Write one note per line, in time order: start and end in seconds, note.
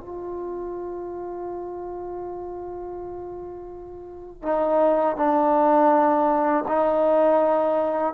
0.00 4.42 F4
4.42 5.16 D#4
5.16 6.64 D4
6.67 8.13 D#4